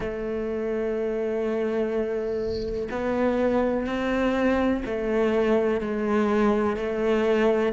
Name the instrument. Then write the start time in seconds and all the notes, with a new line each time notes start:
cello
0.00 A3
2.90 B3
3.86 C4
4.85 A3
5.81 G#3
6.76 A3